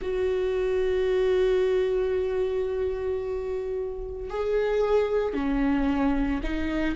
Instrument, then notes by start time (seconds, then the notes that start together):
viola
0.01 F#4
4.30 G#4
5.33 C#4
6.43 D#4